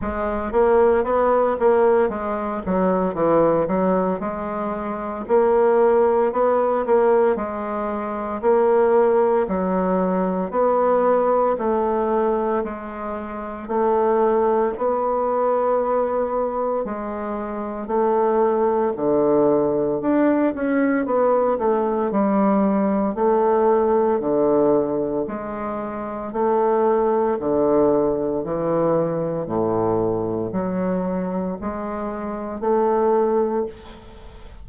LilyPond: \new Staff \with { instrumentName = "bassoon" } { \time 4/4 \tempo 4 = 57 gis8 ais8 b8 ais8 gis8 fis8 e8 fis8 | gis4 ais4 b8 ais8 gis4 | ais4 fis4 b4 a4 | gis4 a4 b2 |
gis4 a4 d4 d'8 cis'8 | b8 a8 g4 a4 d4 | gis4 a4 d4 e4 | a,4 fis4 gis4 a4 | }